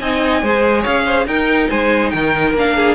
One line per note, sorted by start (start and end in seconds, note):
0.00 0.43 C4
0.00 0.44 D#4
0.00 0.43 D#5
0.00 0.85 G#5
0.43 0.85 G#3
0.43 1.29 G#4
0.43 0.81 C5
0.81 1.27 C#4
0.81 1.02 C#5
0.81 1.27 F5
1.06 1.27 C5
1.27 1.69 D#4
1.27 2.57 D#4
1.27 1.70 A#4
1.27 1.70 G5
1.70 2.13 G#3
1.70 2.12 C5
1.70 2.10 G#5
2.10 2.54 D#3
2.10 2.77 A#4
2.10 2.53 G5
2.54 2.95 A#3
2.54 2.95 D4
2.54 2.95 F5
2.77 2.95 G#4